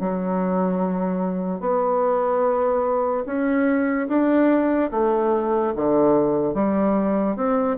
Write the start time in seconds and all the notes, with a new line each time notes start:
0.00 F#3
1.61 B3
3.26 C#4
4.09 D4
4.91 A3
5.76 D3
6.55 G3
7.36 C4